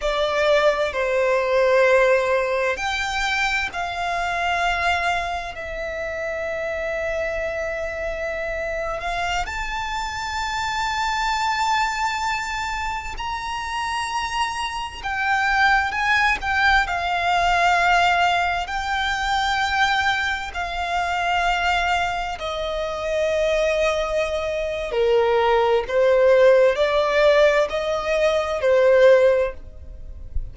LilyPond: \new Staff \with { instrumentName = "violin" } { \time 4/4 \tempo 4 = 65 d''4 c''2 g''4 | f''2 e''2~ | e''4.~ e''16 f''8 a''4.~ a''16~ | a''2~ a''16 ais''4.~ ais''16~ |
ais''16 g''4 gis''8 g''8 f''4.~ f''16~ | f''16 g''2 f''4.~ f''16~ | f''16 dis''2~ dis''8. ais'4 | c''4 d''4 dis''4 c''4 | }